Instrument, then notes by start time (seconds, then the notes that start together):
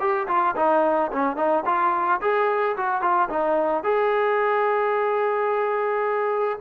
trombone
0.00 G4
0.28 F4
0.56 D#4
1.12 C#4
1.37 D#4
1.66 F4
2.21 G#4
2.77 F#4
3.02 F4
3.30 D#4
3.84 G#4